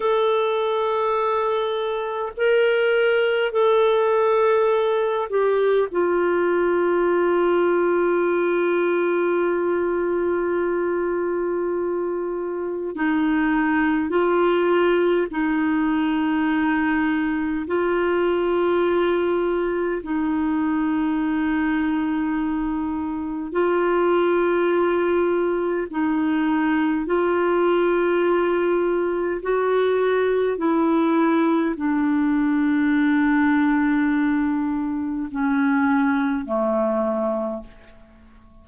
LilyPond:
\new Staff \with { instrumentName = "clarinet" } { \time 4/4 \tempo 4 = 51 a'2 ais'4 a'4~ | a'8 g'8 f'2.~ | f'2. dis'4 | f'4 dis'2 f'4~ |
f'4 dis'2. | f'2 dis'4 f'4~ | f'4 fis'4 e'4 d'4~ | d'2 cis'4 a4 | }